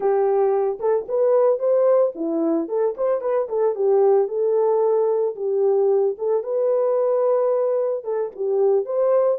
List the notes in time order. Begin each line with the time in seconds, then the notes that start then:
0.00 G4
0.79 A4
1.08 B4
1.59 C5
2.15 E4
2.68 A4
2.97 C5
3.21 B4
3.48 A4
3.75 G4
4.28 A4
5.35 G4
6.18 A4
6.43 B4
8.04 A4
8.35 G4
8.85 C5